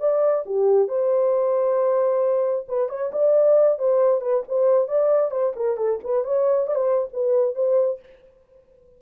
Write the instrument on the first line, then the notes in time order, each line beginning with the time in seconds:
horn
0.00 D5
0.46 G4
0.88 C5
2.68 B4
2.89 C#5
3.12 D5
3.79 C5
4.21 B4
4.48 C5
4.88 D5
5.31 C5
5.56 A#4
5.77 A4
6.04 B4
6.24 C#5
6.67 D5
6.75 C5
7.13 B4
7.55 C5